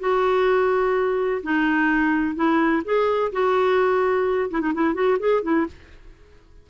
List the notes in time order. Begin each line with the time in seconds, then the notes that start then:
0.00 F#4
1.43 D#4
2.35 E4
2.85 G#4
3.32 F#4
4.51 E4
4.61 D#4
4.75 E4
4.94 F#4
5.20 G#4
5.43 E4